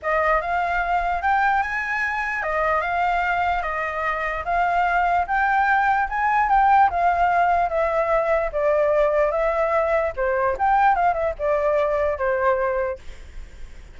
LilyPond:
\new Staff \with { instrumentName = "flute" } { \time 4/4 \tempo 4 = 148 dis''4 f''2 g''4 | gis''2 dis''4 f''4~ | f''4 dis''2 f''4~ | f''4 g''2 gis''4 |
g''4 f''2 e''4~ | e''4 d''2 e''4~ | e''4 c''4 g''4 f''8 e''8 | d''2 c''2 | }